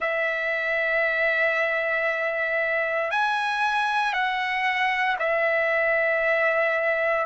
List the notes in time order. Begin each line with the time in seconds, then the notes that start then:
0.00 E5
3.10 G#5
4.13 F#5
5.19 E5